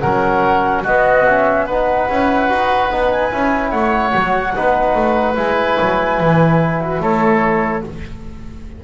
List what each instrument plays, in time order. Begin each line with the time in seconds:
0.00 double bass F#3, trombone C#4, oboe A#4, flute F#5
0.84 trombone B3, double bass B3, oboe F#4, flute D#5
1.26 trombone C#4, flute E5
1.66 trombone D#4, oboe B4, flute F#5
2.09 double bass C#4, trombone E4
2.50 double bass D#4, trombone F#4
2.91 double bass B3, trombone D#4
3.11 flute G#5
3.32 double bass C#4, trombone E4
3.71 double bass A3, oboe C#5, flute F#5
4.13 double bass F#3, trombone F#4
4.56 double bass B3, trombone D#4, oboe B4
4.95 double bass A3
5.35 double bass G#3, trombone E4, flute G#5
5.81 double bass F#3
6.21 double bass E3
6.81 flute F#4
7.01 double bass A3, oboe A4, flute C#5